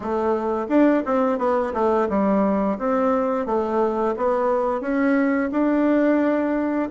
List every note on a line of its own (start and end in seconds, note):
0.00 0.66 A3
0.68 1.03 D4
1.05 1.38 C4
1.38 1.72 B3
1.73 2.08 A3
2.09 2.78 G3
2.78 3.45 C4
3.45 4.14 A3
4.16 4.81 B3
4.81 5.50 C#4
5.51 6.89 D4